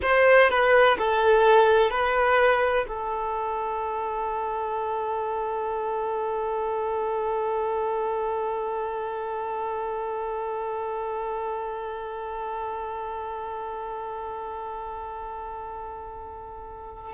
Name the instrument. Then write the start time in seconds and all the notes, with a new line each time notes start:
violin
0.02 C5
0.50 B4
0.98 A4
1.90 B4
2.87 A4